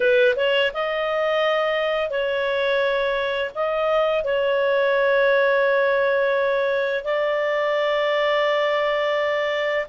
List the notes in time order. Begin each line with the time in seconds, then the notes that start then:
0.00 B4
0.36 C#5
0.73 D#5
2.10 C#5
3.54 D#5
4.24 C#5
7.04 D5